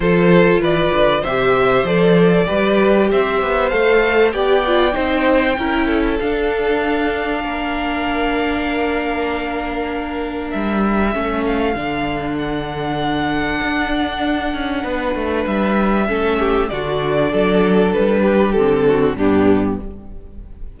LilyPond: <<
  \new Staff \with { instrumentName = "violin" } { \time 4/4 \tempo 4 = 97 c''4 d''4 e''4 d''4~ | d''4 e''4 f''4 g''4~ | g''2 f''2~ | f''1~ |
f''4 e''4. f''4. | fis''1~ | fis''4 e''2 d''4~ | d''4 b'4 a'4 g'4 | }
  \new Staff \with { instrumentName = "violin" } { \time 4/4 a'4 b'4 c''2 | b'4 c''2 d''4 | c''4 ais'8 a'2~ a'8 | ais'1~ |
ais'2 a'2~ | a'1 | b'2 a'8 g'8 fis'4 | a'4. g'4 fis'8 d'4 | }
  \new Staff \with { instrumentName = "viola" } { \time 4/4 f'2 g'4 a'4 | g'2 a'4 g'8 f'8 | dis'4 e'4 d'2~ | d'1~ |
d'2 cis'4 d'4~ | d'1~ | d'2 cis'4 d'4~ | d'2 c'4 b4 | }
  \new Staff \with { instrumentName = "cello" } { \time 4/4 f4 e8 d8 c4 f4 | g4 c'8 b8 a4 b4 | c'4 cis'4 d'2 | ais1~ |
ais4 g4 a4 d4~ | d2 d'4. cis'8 | b8 a8 g4 a4 d4 | fis4 g4 d4 g,4 | }
>>